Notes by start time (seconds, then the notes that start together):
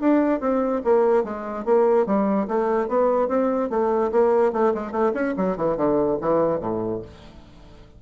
0.00 D4
0.40 C4
0.84 A#3
1.24 G#3
1.65 A#3
2.06 G3
2.48 A3
2.88 B3
3.28 C4
3.70 A3
4.12 A#3
4.53 A3
4.74 G#3
4.91 A3
5.14 C#4
5.37 F#3
5.57 E3
5.77 D3
6.21 E3
6.60 A2